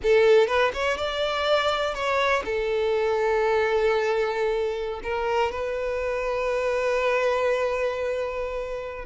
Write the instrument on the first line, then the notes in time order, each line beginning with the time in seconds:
violin
0.02 A4
0.47 B4
0.73 C#5
0.97 D5
1.94 C#5
2.44 A4
5.03 A#4
5.51 B4